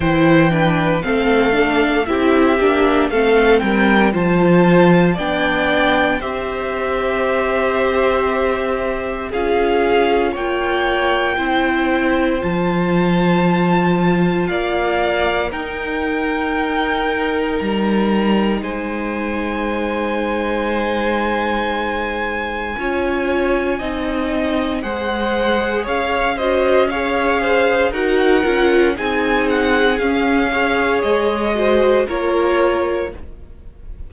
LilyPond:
<<
  \new Staff \with { instrumentName = "violin" } { \time 4/4 \tempo 4 = 58 g''4 f''4 e''4 f''8 g''8 | a''4 g''4 e''2~ | e''4 f''4 g''2 | a''2 f''4 g''4~ |
g''4 ais''4 gis''2~ | gis''1 | fis''4 f''8 dis''8 f''4 fis''4 | gis''8 fis''8 f''4 dis''4 cis''4 | }
  \new Staff \with { instrumentName = "violin" } { \time 4/4 c''8 b'8 a'4 g'4 a'8 ais'8 | c''4 d''4 c''2~ | c''4 gis'4 cis''4 c''4~ | c''2 d''4 ais'4~ |
ais'2 c''2~ | c''2 cis''4 dis''4 | c''4 cis''8 c''8 cis''8 c''8 ais'4 | gis'4. cis''4 c''8 ais'4 | }
  \new Staff \with { instrumentName = "viola" } { \time 4/4 e'8 d'8 c'8 d'8 e'8 d'8 c'4 | f'4 d'4 g'2~ | g'4 f'2 e'4 | f'2. dis'4~ |
dis'1~ | dis'2 f'4 dis'4 | gis'4. fis'8 gis'4 fis'8 f'8 | dis'4 cis'8 gis'4 fis'8 f'4 | }
  \new Staff \with { instrumentName = "cello" } { \time 4/4 e4 a4 c'8 ais8 a8 g8 | f4 b4 c'2~ | c'4 cis'4 ais4 c'4 | f2 ais4 dis'4~ |
dis'4 g4 gis2~ | gis2 cis'4 c'4 | gis4 cis'2 dis'8 cis'8 | c'4 cis'4 gis4 ais4 | }
>>